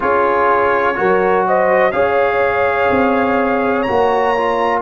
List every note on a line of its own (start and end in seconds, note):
0.00 0.98 C#4
0.00 0.94 F4
0.00 0.96 G#4
0.00 1.46 C#5
0.94 1.92 F#3
0.94 1.91 F#4
0.94 1.46 A#4
1.47 1.92 C5
1.47 1.91 D#5
1.91 2.89 C#4
1.91 3.86 G#4
1.91 4.81 C#5
1.91 3.82 F5
2.90 3.86 C4
3.82 4.35 F#4
3.82 4.79 A#5
3.89 4.81 A#3
4.37 4.81 F4